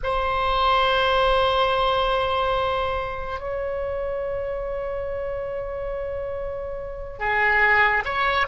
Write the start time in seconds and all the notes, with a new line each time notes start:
0.03 C5
3.40 C#5
7.19 G#4
8.04 C#5